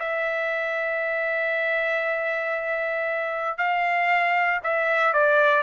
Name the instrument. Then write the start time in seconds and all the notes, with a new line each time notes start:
trumpet
0.00 E5
3.58 F5
4.64 E5
5.14 D5